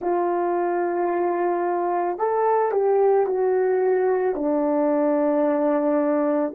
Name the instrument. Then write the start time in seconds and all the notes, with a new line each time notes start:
horn
0.00 F4
2.18 A4
2.71 G4
3.26 F#4
4.35 D4